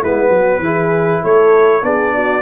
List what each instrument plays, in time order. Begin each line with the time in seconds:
0.00 tuba G#3, trombone B3, horn E4, trumpet B4
0.29 tuba F#3, horn F#4
0.59 tuba E3, trombone E4, horn G#4
1.22 tuba A3, horn A4, trumpet C#5
1.82 tuba B3, trombone D4, horn G#4, trumpet D5
2.14 horn F#4